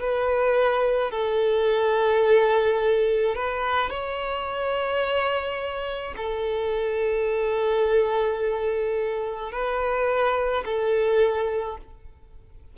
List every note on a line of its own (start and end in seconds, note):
0.00 1.11 B4
1.11 3.35 A4
3.35 3.90 B4
3.90 6.15 C#5
6.17 9.52 A4
9.52 10.64 B4
10.65 11.77 A4